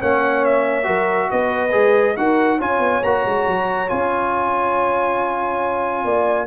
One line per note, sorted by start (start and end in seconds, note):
0.00 0.88 A#3
0.00 0.84 C#4
0.00 0.86 C#5
0.00 0.45 F#5
0.45 1.31 E5
0.84 1.31 F#3
0.84 1.70 F#4
0.84 1.29 A#4
1.31 1.75 B3
1.31 2.17 B4
1.31 2.17 D#5
1.72 2.18 G#3
1.72 2.15 G#4
2.17 2.61 D#4
2.17 2.60 F#4
2.17 2.59 A#4
2.17 2.60 F#5
2.59 2.79 C#4
2.59 3.03 F4
2.59 6.04 C#5
2.59 3.04 G#5
2.79 3.01 B3
3.04 3.25 A#3
3.04 3.89 F#4
3.04 3.89 A#5
3.26 3.47 G#3
3.48 3.91 F#3
3.89 6.05 C#4
3.89 6.48 F4
3.89 6.48 G#5
6.05 6.48 A#3
6.05 6.48 D5